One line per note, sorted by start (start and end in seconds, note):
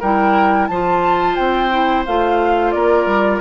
0.00 0.69 G3
0.00 0.71 E4
0.00 0.68 A#4
0.00 0.67 G5
0.67 1.38 F3
0.67 1.71 F4
0.67 2.75 C5
0.67 1.36 A5
1.36 2.07 C4
1.36 2.04 G5
1.71 2.05 E4
2.06 2.74 A3
2.06 3.41 F4
2.06 2.72 F5
2.72 3.06 A#3
2.72 3.41 A#4
2.72 3.40 D5
3.06 3.40 G3